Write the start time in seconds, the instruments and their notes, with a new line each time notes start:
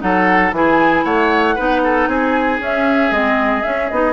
0.00 bassoon F#3, clarinet D#4, oboe A4, flute F#5
0.52 bassoon E3, clarinet E4, oboe G#4, flute G#5
1.05 bassoon A3, oboe C#5, flute F#5
1.55 bassoon B3, clarinet D#4, oboe B4
1.84 oboe A4
2.08 bassoon C4, oboe G#4, flute G#5
2.60 bassoon C#4, clarinet C#4, flute E5
3.11 bassoon G#3, clarinet C4, flute D#5
3.63 clarinet C#4, bassoon C#4, flute E5
3.89 bassoon B3, clarinet D#4, flute D#5